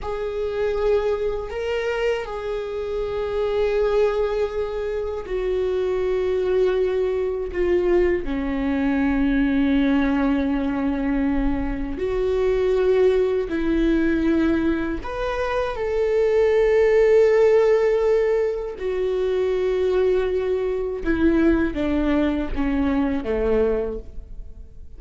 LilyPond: \new Staff \with { instrumentName = "viola" } { \time 4/4 \tempo 4 = 80 gis'2 ais'4 gis'4~ | gis'2. fis'4~ | fis'2 f'4 cis'4~ | cis'1 |
fis'2 e'2 | b'4 a'2.~ | a'4 fis'2. | e'4 d'4 cis'4 a4 | }